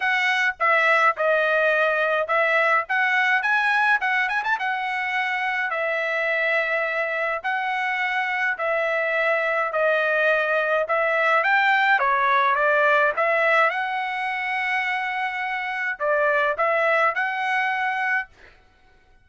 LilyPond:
\new Staff \with { instrumentName = "trumpet" } { \time 4/4 \tempo 4 = 105 fis''4 e''4 dis''2 | e''4 fis''4 gis''4 fis''8 gis''16 a''16 | fis''2 e''2~ | e''4 fis''2 e''4~ |
e''4 dis''2 e''4 | g''4 cis''4 d''4 e''4 | fis''1 | d''4 e''4 fis''2 | }